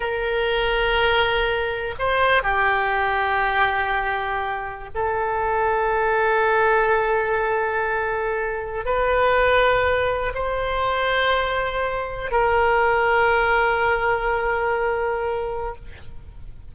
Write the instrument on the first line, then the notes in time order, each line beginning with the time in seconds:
oboe
0.00 A#4
1.98 C5
2.42 G4
4.94 A4
8.85 B4
10.34 C5
12.31 A#4